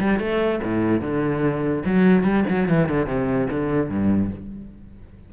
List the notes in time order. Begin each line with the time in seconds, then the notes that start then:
0.00 G3
0.19 A3
0.63 A2
1.01 D3
1.85 F#3
2.24 G3
2.49 F#3
2.68 E3
2.89 D3
3.07 C3
3.50 D3
3.90 G2